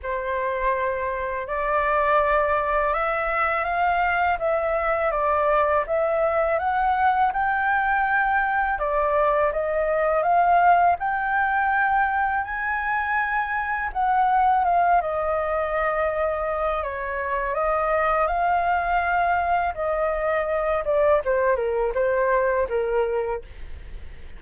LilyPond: \new Staff \with { instrumentName = "flute" } { \time 4/4 \tempo 4 = 82 c''2 d''2 | e''4 f''4 e''4 d''4 | e''4 fis''4 g''2 | d''4 dis''4 f''4 g''4~ |
g''4 gis''2 fis''4 | f''8 dis''2~ dis''8 cis''4 | dis''4 f''2 dis''4~ | dis''8 d''8 c''8 ais'8 c''4 ais'4 | }